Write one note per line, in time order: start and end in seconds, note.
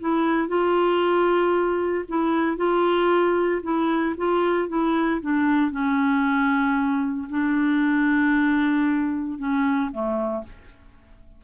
0.00 0.48 E4
0.48 2.05 F4
2.09 2.57 E4
2.57 3.61 F4
3.63 4.15 E4
4.17 4.69 F4
4.69 5.21 E4
5.21 5.71 D4
5.71 7.28 C#4
7.30 9.39 D4
9.39 9.91 C#4
9.92 10.44 A3